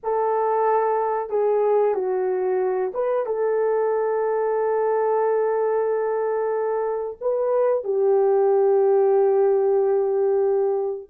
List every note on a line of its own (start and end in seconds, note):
0.03 1.29 A4
1.29 1.94 G#4
1.94 2.92 F#4
2.94 3.26 B4
3.26 7.17 A4
7.21 7.83 B4
7.83 11.09 G4